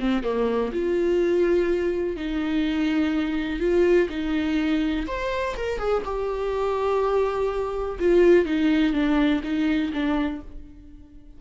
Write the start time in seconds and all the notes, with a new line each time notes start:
0.00 C4
0.24 A#3
0.73 F4
2.16 D#4
3.60 F4
4.10 D#4
5.07 C5
5.57 A#4
5.79 G#4
6.05 G4
8.00 F4
8.45 D#4
8.93 D4
9.44 D#4
9.93 D4